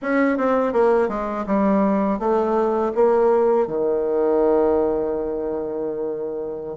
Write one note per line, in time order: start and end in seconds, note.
0.02 0.37 C#4
0.37 0.73 C4
0.73 1.08 A#3
1.08 1.45 G#3
1.46 2.19 G3
2.19 2.92 A3
2.95 3.67 A#3
3.67 6.77 D#3